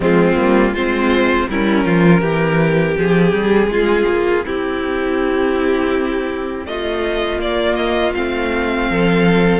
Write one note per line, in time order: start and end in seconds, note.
0.00 0.35 F3
0.00 0.36 G#3
0.00 0.73 C4
0.00 0.74 F4
0.37 0.73 G3
0.37 0.74 A#3
0.73 1.47 G#3
0.73 1.50 C4
0.73 1.47 F4
0.73 1.48 C5
1.49 1.85 G3
1.49 2.24 C#4
1.49 1.85 E4
1.49 2.97 A#4
1.85 2.21 F3
1.85 2.20 F4
2.20 2.95 E3
2.20 7.38 C4
2.20 3.68 G4
2.97 3.32 F3
2.97 4.45 G#4
3.32 3.67 G3
3.67 4.04 G#3
3.67 4.45 F4
4.08 4.45 A#3
4.45 6.65 C4
4.45 6.67 E4
4.45 6.66 G4
6.65 7.39 A3
6.65 8.90 F4
6.65 7.40 D#5
7.38 8.12 A#3
7.38 8.13 A#3
7.38 7.75 D5
7.75 8.12 D#5
8.14 8.90 A3
8.14 9.60 C4
8.14 9.60 F5
8.90 9.60 F3
8.90 9.60 A4